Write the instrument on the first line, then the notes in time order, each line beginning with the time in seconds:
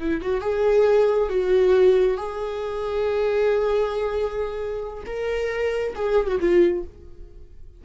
viola
0.00 E4
0.22 F#4
0.42 G#4
1.30 F#4
2.18 G#4
5.06 A#4
5.96 G#4
6.28 F#4
6.41 F4